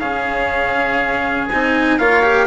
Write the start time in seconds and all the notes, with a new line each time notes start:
0.00 C#3 C#4 G#4 F5
1.49 C4 D#4 G#5
1.99 A#3 F4 C#5 F5
2.23 G4